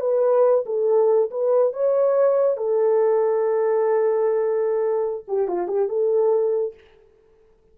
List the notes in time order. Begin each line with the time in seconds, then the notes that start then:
0.00 B4
0.66 A4
1.31 B4
1.73 C#5
2.57 A4
5.28 G4
5.48 F4
5.67 G4
5.89 A4